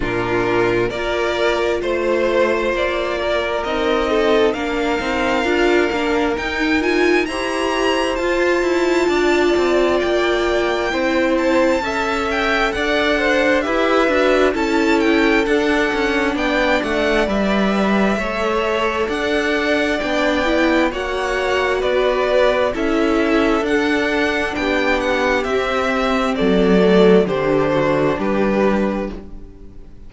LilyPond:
<<
  \new Staff \with { instrumentName = "violin" } { \time 4/4 \tempo 4 = 66 ais'4 d''4 c''4 d''4 | dis''4 f''2 g''8 gis''8 | ais''4 a''2 g''4~ | g''8 a''4 g''8 fis''4 e''4 |
a''8 g''8 fis''4 g''8 fis''8 e''4~ | e''4 fis''4 g''4 fis''4 | d''4 e''4 fis''4 g''8 fis''8 | e''4 d''4 c''4 b'4 | }
  \new Staff \with { instrumentName = "violin" } { \time 4/4 f'4 ais'4 c''4. ais'8~ | ais'8 a'8 ais'2. | c''2 d''2 | c''4 e''4 d''8 c''8 b'4 |
a'2 d''2 | cis''4 d''2 cis''4 | b'4 a'2 g'4~ | g'4 a'4 g'8 fis'8 g'4 | }
  \new Staff \with { instrumentName = "viola" } { \time 4/4 d'4 f'2. | dis'4 d'8 dis'8 f'8 d'8 dis'8 f'8 | g'4 f'2. | e'4 a'2 g'8 fis'8 |
e'4 d'2 b'4 | a'2 d'8 e'8 fis'4~ | fis'4 e'4 d'2 | c'4. a8 d'2 | }
  \new Staff \with { instrumentName = "cello" } { \time 4/4 ais,4 ais4 a4 ais4 | c'4 ais8 c'8 d'8 ais8 dis'4 | e'4 f'8 e'8 d'8 c'8 ais4 | c'4 cis'4 d'4 e'8 d'8 |
cis'4 d'8 cis'8 b8 a8 g4 | a4 d'4 b4 ais4 | b4 cis'4 d'4 b4 | c'4 fis4 d4 g4 | }
>>